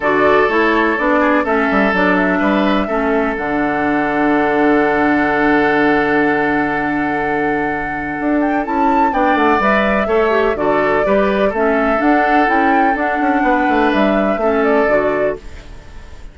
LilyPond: <<
  \new Staff \with { instrumentName = "flute" } { \time 4/4 \tempo 4 = 125 d''4 cis''4 d''4 e''4 | d''8 e''2~ e''8 fis''4~ | fis''1~ | fis''1~ |
fis''4. g''8 a''4 g''8 fis''8 | e''2 d''2 | e''4 fis''4 g''4 fis''4~ | fis''4 e''4. d''4. | }
  \new Staff \with { instrumentName = "oboe" } { \time 4/4 a'2~ a'8 gis'8 a'4~ | a'4 b'4 a'2~ | a'1~ | a'1~ |
a'2. d''4~ | d''4 cis''4 a'4 b'4 | a'1 | b'2 a'2 | }
  \new Staff \with { instrumentName = "clarinet" } { \time 4/4 fis'4 e'4 d'4 cis'4 | d'2 cis'4 d'4~ | d'1~ | d'1~ |
d'2 e'4 d'4 | b'4 a'8 g'8 fis'4 g'4 | cis'4 d'4 e'4 d'4~ | d'2 cis'4 fis'4 | }
  \new Staff \with { instrumentName = "bassoon" } { \time 4/4 d4 a4 b4 a8 g8 | fis4 g4 a4 d4~ | d1~ | d1~ |
d4 d'4 cis'4 b8 a8 | g4 a4 d4 g4 | a4 d'4 cis'4 d'8 cis'8 | b8 a8 g4 a4 d4 | }
>>